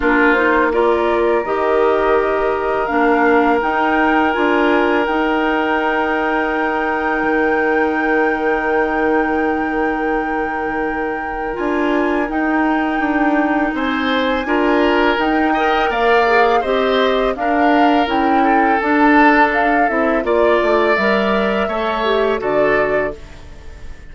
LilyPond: <<
  \new Staff \with { instrumentName = "flute" } { \time 4/4 \tempo 4 = 83 ais'8 c''8 d''4 dis''2 | f''4 g''4 gis''4 g''4~ | g''1~ | g''1 |
gis''4 g''2 gis''4~ | gis''4 g''4 f''4 dis''4 | f''4 g''4 a''4 f''8 e''8 | d''4 e''2 d''4 | }
  \new Staff \with { instrumentName = "oboe" } { \time 4/4 f'4 ais'2.~ | ais'1~ | ais'1~ | ais'1~ |
ais'2. c''4 | ais'4. dis''8 d''4 c''4 | ais'4. a'2~ a'8 | d''2 cis''4 a'4 | }
  \new Staff \with { instrumentName = "clarinet" } { \time 4/4 d'8 dis'8 f'4 g'2 | d'4 dis'4 f'4 dis'4~ | dis'1~ | dis'1 |
f'4 dis'2. | f'4 dis'8 ais'4 gis'8 g'4 | d'4 e'4 d'4. e'8 | f'4 ais'4 a'8 g'8 fis'4 | }
  \new Staff \with { instrumentName = "bassoon" } { \time 4/4 ais2 dis2 | ais4 dis'4 d'4 dis'4~ | dis'2 dis2~ | dis1 |
d'4 dis'4 d'4 c'4 | d'4 dis'4 ais4 c'4 | d'4 cis'4 d'4. c'8 | ais8 a8 g4 a4 d4 | }
>>